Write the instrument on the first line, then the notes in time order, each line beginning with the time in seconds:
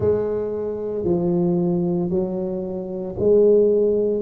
tuba
0.00 G#3
1.04 F3
2.10 F#3
3.19 G#3